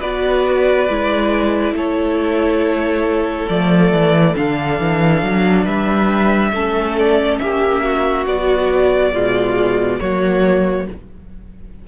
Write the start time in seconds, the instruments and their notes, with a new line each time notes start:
0.00 cello B3, viola F#4, violin B4 D5
0.89 cello G#3, viola E4
1.72 cello A3, violin A4 C#5
3.49 cello F3, viola A3, violin D5
3.92 cello E3
4.35 cello D3, viola D4, violin F5
4.80 cello E3
5.23 cello F#3
5.65 cello G3, violin B4 E5
6.52 cello A3, viola C#4, violin A4
6.99 violin D5
7.39 cello A#3, violin G4 E5
7.84 violin F#4
8.26 viola F#3, cello B3, violin D5
9.13 cello B2, viola G#3, violin F4
10.00 cello F#3, viola A#3, violin F#4 C#5